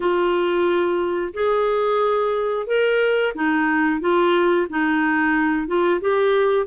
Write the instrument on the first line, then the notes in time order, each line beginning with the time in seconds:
clarinet
0.00 F4
1.33 G#4
2.66 A#4
3.35 D#4
4.00 F4
4.69 D#4
5.67 F4
6.00 G4